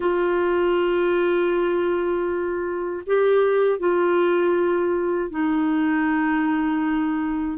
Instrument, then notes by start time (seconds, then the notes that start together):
clarinet
0.00 F4
3.06 G4
3.79 F4
5.30 D#4